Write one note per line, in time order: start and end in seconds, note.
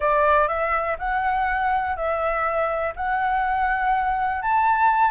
0.00 0.48 D5
0.48 0.96 E5
0.99 1.96 F#5
1.96 2.93 E5
2.95 4.41 F#5
4.41 5.11 A5